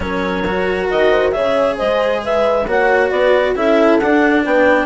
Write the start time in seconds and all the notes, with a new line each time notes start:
0.00 F#3 C#4 A#4 C#5
0.47 F#4
0.90 D#3 D#5
1.10 C5
1.31 C#3 G#4 C#5 E5
1.76 G#3 C5 D#5
2.23 B4 E5
2.66 A#3 F#4 C#5 F#5
3.10 B3 B4 D5
3.55 C#4 E4 A4 E5
3.99 D4 F#5
4.44 B3 B4 G5